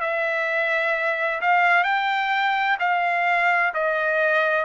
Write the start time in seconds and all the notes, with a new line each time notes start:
0.00 E5
1.41 F5
1.84 G5
2.80 F5
3.74 D#5